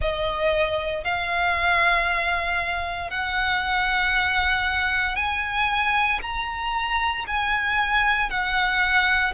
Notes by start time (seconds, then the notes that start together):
0.00 D#5
1.03 F5
3.10 F#5
5.15 G#5
6.22 A#5
7.27 G#5
8.29 F#5